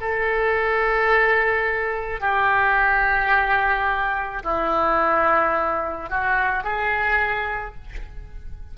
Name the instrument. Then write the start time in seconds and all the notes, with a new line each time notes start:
oboe
0.00 A4
2.20 G4
4.43 E4
6.10 F#4
6.64 G#4